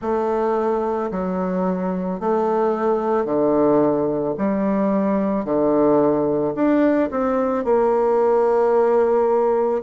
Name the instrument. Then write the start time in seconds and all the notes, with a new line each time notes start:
bassoon
0.01 A3
1.11 F#3
2.20 A3
3.25 D3
4.38 G3
5.44 D3
6.55 D4
7.10 C4
7.64 A#3